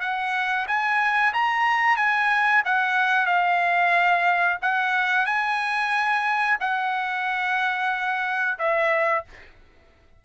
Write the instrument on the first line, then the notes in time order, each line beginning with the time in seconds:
trumpet
0.00 F#5
0.67 G#5
1.33 A#5
1.96 G#5
2.65 F#5
3.26 F5
4.62 F#5
5.25 G#5
6.60 F#5
8.58 E5